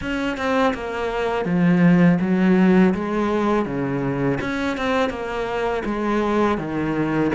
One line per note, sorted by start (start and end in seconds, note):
0.01 0.37 C#4
0.37 0.73 C4
0.74 1.45 A#3
1.45 2.18 F3
2.20 2.93 F#3
2.94 3.66 G#3
3.66 4.39 C#3
4.41 4.77 C#4
4.77 5.09 C4
5.09 5.82 A#3
5.85 6.58 G#3
6.58 7.31 D#3